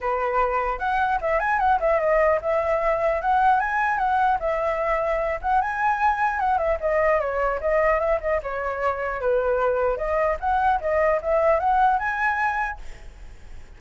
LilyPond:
\new Staff \with { instrumentName = "flute" } { \time 4/4 \tempo 4 = 150 b'2 fis''4 e''8 gis''8 | fis''8 e''8 dis''4 e''2 | fis''4 gis''4 fis''4 e''4~ | e''4. fis''8 gis''2 |
fis''8 e''8 dis''4 cis''4 dis''4 | e''8 dis''8 cis''2 b'4~ | b'4 dis''4 fis''4 dis''4 | e''4 fis''4 gis''2 | }